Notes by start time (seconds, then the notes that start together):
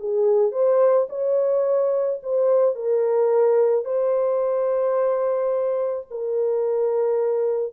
0.00 G#4
0.52 C5
1.09 C#5
2.23 C5
2.76 A#4
3.85 C5
6.11 A#4